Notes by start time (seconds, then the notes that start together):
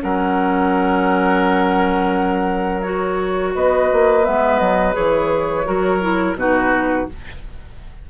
0.00 F#3 C#4 A#4 F#5
2.82 F#4 C#5
3.54 B3 B4 D#5
3.92 A#3
4.22 G#3 B3 E5
4.59 F#3 D#5
4.92 E3 G#4 C#5
5.64 F#3 F#4 A#4
6.01 E4
6.34 B2 D#4 F#4 B4